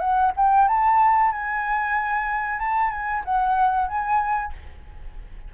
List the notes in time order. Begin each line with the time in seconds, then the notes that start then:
0.00 F#5
0.37 G5
0.68 A5
1.32 G#5
2.60 A5
2.91 G#5
3.25 F#5
3.88 G#5